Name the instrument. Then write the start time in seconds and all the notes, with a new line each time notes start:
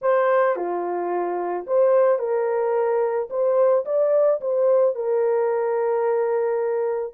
horn
0.01 C5
0.56 F4
1.67 C5
2.18 A#4
3.30 C5
3.85 D5
4.40 C5
4.95 A#4